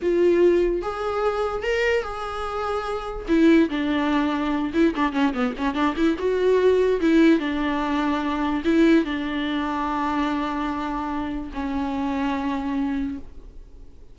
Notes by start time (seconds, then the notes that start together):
0.02 F4
0.81 G#4
1.62 A#4
2.02 G#4
3.28 E4
3.69 D4
4.73 E4
4.95 D4
5.12 C#4
5.33 B3
5.57 C#4
5.74 D4
5.96 E4
6.18 F#4
7.00 E4
7.39 D4
8.64 E4
9.04 D4
11.53 C#4